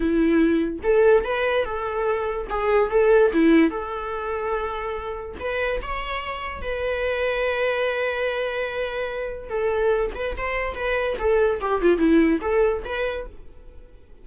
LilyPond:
\new Staff \with { instrumentName = "viola" } { \time 4/4 \tempo 4 = 145 e'2 a'4 b'4 | a'2 gis'4 a'4 | e'4 a'2.~ | a'4 b'4 cis''2 |
b'1~ | b'2. a'4~ | a'8 b'8 c''4 b'4 a'4 | g'8 f'8 e'4 a'4 b'4 | }